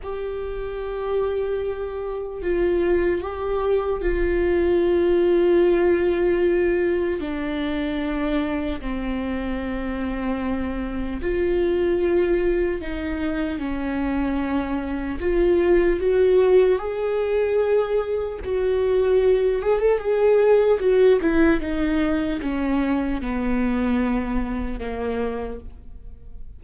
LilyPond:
\new Staff \with { instrumentName = "viola" } { \time 4/4 \tempo 4 = 75 g'2. f'4 | g'4 f'2.~ | f'4 d'2 c'4~ | c'2 f'2 |
dis'4 cis'2 f'4 | fis'4 gis'2 fis'4~ | fis'8 gis'16 a'16 gis'4 fis'8 e'8 dis'4 | cis'4 b2 ais4 | }